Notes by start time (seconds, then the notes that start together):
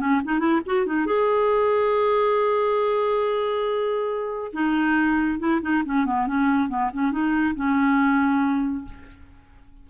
0.00 C#4
0.25 D#4
0.40 E4
0.66 F#4
0.86 D#4
1.06 G#4
4.53 D#4
5.39 E4
5.62 D#4
5.85 C#4
6.06 B3
6.27 C#4
6.69 B3
6.94 C#4
7.12 D#4
7.55 C#4